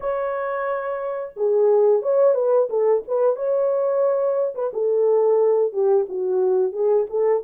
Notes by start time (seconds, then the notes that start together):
0.00 C#5
1.36 G#4
2.02 C#5
2.34 B4
2.69 A4
3.07 B4
3.36 C#5
4.54 B4
4.73 A4
5.72 G4
6.09 F#4
6.72 G#4
7.09 A4